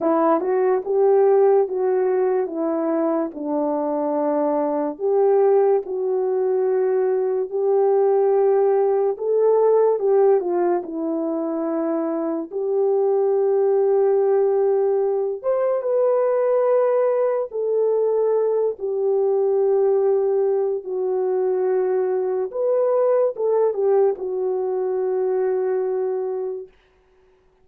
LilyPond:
\new Staff \with { instrumentName = "horn" } { \time 4/4 \tempo 4 = 72 e'8 fis'8 g'4 fis'4 e'4 | d'2 g'4 fis'4~ | fis'4 g'2 a'4 | g'8 f'8 e'2 g'4~ |
g'2~ g'8 c''8 b'4~ | b'4 a'4. g'4.~ | g'4 fis'2 b'4 | a'8 g'8 fis'2. | }